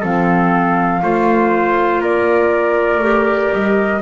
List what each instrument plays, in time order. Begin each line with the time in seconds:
0.00 double bass F3, clarinet C4, trumpet A4, flute F5
1.02 double bass A3, clarinet F4, trumpet C5
2.00 double bass A#3, trumpet A#4, flute D5
2.98 double bass A3, clarinet G4
3.52 double bass G3, flute D#5